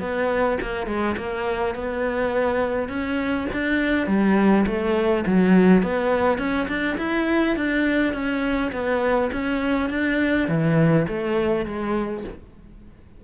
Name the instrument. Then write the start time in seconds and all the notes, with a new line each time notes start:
cello
0.00 B3
0.61 A#3
0.87 G#3
1.17 A#3
1.75 B3
2.89 C#4
3.53 D4
4.07 G3
4.67 A3
5.26 F#3
5.83 B3
6.38 C#4
6.68 D4
6.98 E4
7.56 D4
8.13 C#4
8.72 B3
9.32 C#4
9.90 D4
10.49 E3
11.08 A3
11.66 G#3